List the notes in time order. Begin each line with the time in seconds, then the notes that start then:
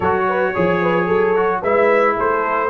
0.00 F#3 F#4 A4 C#5
0.28 B4
0.53 F3 G#4 C#5
0.82 B4
1.05 F#3 A4
1.35 F#4
1.62 G#3 E4 B4 E5
2.16 A3 A4 C5